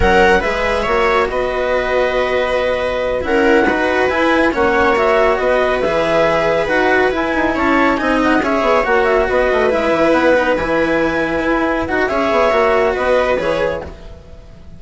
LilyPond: <<
  \new Staff \with { instrumentName = "clarinet" } { \time 4/4 \tempo 4 = 139 fis''4 e''2 dis''4~ | dis''2.~ dis''8 fis''8~ | fis''4. gis''4 fis''4 e''8~ | e''8 dis''4 e''2 fis''8~ |
fis''8 gis''4 a''4 gis''8 fis''8 e''8~ | e''8 fis''8 e''8 dis''4 e''4 fis''8~ | fis''8 gis''2. fis''8 | e''2 dis''4 cis''4 | }
  \new Staff \with { instrumentName = "viola" } { \time 4/4 ais'4 b'4 cis''4 b'4~ | b'2.~ b'8 ais'8~ | ais'8 b'2 cis''4.~ | cis''8 b'2.~ b'8~ |
b'4. cis''4 dis''4 cis''8~ | cis''4. b'2~ b'8~ | b'1 | cis''2 b'2 | }
  \new Staff \with { instrumentName = "cello" } { \time 4/4 cis'4 gis'4 fis'2~ | fis'2.~ fis'8 e'8~ | e'8 fis'4 e'4 cis'4 fis'8~ | fis'4. gis'2 fis'8~ |
fis'8 e'2 dis'4 gis'8~ | gis'8 fis'2 e'4. | dis'8 e'2. fis'8 | gis'4 fis'2 gis'4 | }
  \new Staff \with { instrumentName = "bassoon" } { \time 4/4 fis4 gis4 ais4 b4~ | b2.~ b8 cis'8~ | cis'8 dis'4 e'4 ais4.~ | ais8 b4 e2 dis'8~ |
dis'8 e'8 dis'8 cis'4 c'4 cis'8 | b8 ais4 b8 a8 gis8 e8 b8~ | b8 e2 e'4 dis'8 | cis'8 b8 ais4 b4 e4 | }
>>